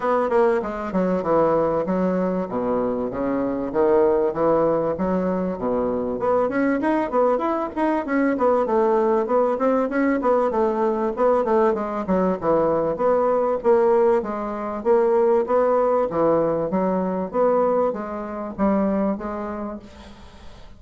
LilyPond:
\new Staff \with { instrumentName = "bassoon" } { \time 4/4 \tempo 4 = 97 b8 ais8 gis8 fis8 e4 fis4 | b,4 cis4 dis4 e4 | fis4 b,4 b8 cis'8 dis'8 b8 | e'8 dis'8 cis'8 b8 a4 b8 c'8 |
cis'8 b8 a4 b8 a8 gis8 fis8 | e4 b4 ais4 gis4 | ais4 b4 e4 fis4 | b4 gis4 g4 gis4 | }